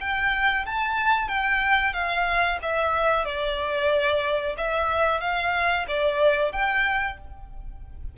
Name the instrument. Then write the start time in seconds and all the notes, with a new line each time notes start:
violin
0.00 G5
0.66 A5
1.28 G5
1.93 F5
2.61 E5
3.25 D5
4.57 E5
5.20 F5
5.87 D5
6.52 G5